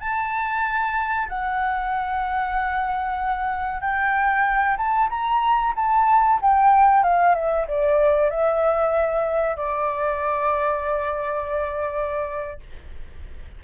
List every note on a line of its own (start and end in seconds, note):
0.00 1.28 A5
1.29 3.81 F#5
3.81 4.77 G5
4.77 5.09 A5
5.09 5.73 A#5
5.76 6.39 A5
6.41 7.03 G5
7.03 7.35 F5
7.35 7.67 E5
7.68 8.30 D5
8.30 9.57 E5
9.57 12.60 D5